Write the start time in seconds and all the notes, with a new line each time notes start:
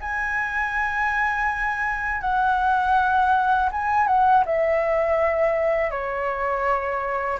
0.00 G#5
2.21 F#5
3.71 G#5
4.07 F#5
4.45 E5
5.91 C#5